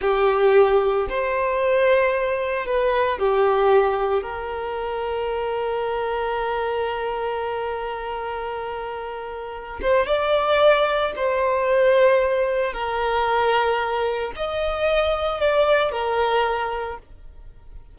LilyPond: \new Staff \with { instrumentName = "violin" } { \time 4/4 \tempo 4 = 113 g'2 c''2~ | c''4 b'4 g'2 | ais'1~ | ais'1~ |
ais'2~ ais'8 c''8 d''4~ | d''4 c''2. | ais'2. dis''4~ | dis''4 d''4 ais'2 | }